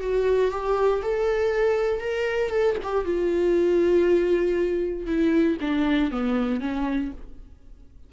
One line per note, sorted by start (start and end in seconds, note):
0.00 0.51 F#4
0.51 1.02 G4
1.02 2.00 A4
2.00 2.50 A#4
2.50 2.75 A4
2.83 3.05 G4
3.05 5.06 F4
5.06 5.57 E4
5.61 6.11 D4
6.11 6.60 B3
6.60 7.11 C#4